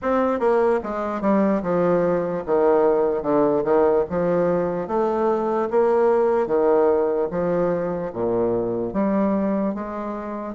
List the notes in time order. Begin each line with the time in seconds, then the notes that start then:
0.02 C4
0.39 A#3
0.83 G#3
1.21 G3
1.62 F3
2.45 D#3
3.22 D3
3.63 D#3
4.09 F3
4.87 A3
5.70 A#3
6.46 D#3
7.30 F3
8.13 A#2
8.93 G3
9.74 G#3